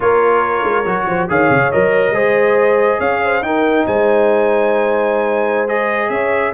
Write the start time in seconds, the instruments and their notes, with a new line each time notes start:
0.00 tuba A#3, trombone F4, horn A#4, trumpet C#5
0.63 tuba G#3
0.85 tuba F#3, trombone F#4
1.07 tuba F3, horn C5
1.29 tuba D#3, trombone G#4, horn C#5, trumpet F5
1.49 tuba C#3
1.71 tuba F#3, trombone A#4, trumpet D#5
2.10 tuba G#3, trombone G#4, horn C5
2.99 tuba C#4, horn C#5, trumpet F5
3.24 horn C5
3.41 tuba D#4, trombone D#4, horn A#4, trumpet G5
3.86 tuba G#3, horn C5, trumpet G#5
5.67 trombone G#4, trumpet D#5
6.09 tuba C#4, horn C#5, trumpet E5